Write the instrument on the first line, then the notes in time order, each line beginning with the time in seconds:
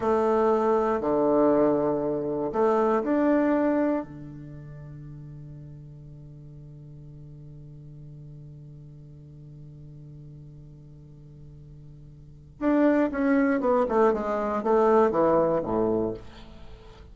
bassoon
0.00 A3
1.00 D3
2.52 A3
3.03 D4
4.04 D3
12.59 D4
13.11 C#4
13.60 B3
13.88 A3
14.13 G#3
14.63 A3
15.10 E3
15.63 A2